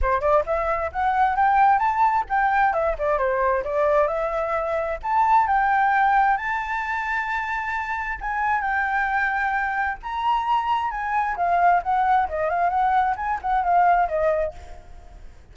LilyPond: \new Staff \with { instrumentName = "flute" } { \time 4/4 \tempo 4 = 132 c''8 d''8 e''4 fis''4 g''4 | a''4 g''4 e''8 d''8 c''4 | d''4 e''2 a''4 | g''2 a''2~ |
a''2 gis''4 g''4~ | g''2 ais''2 | gis''4 f''4 fis''4 dis''8 f''8 | fis''4 gis''8 fis''8 f''4 dis''4 | }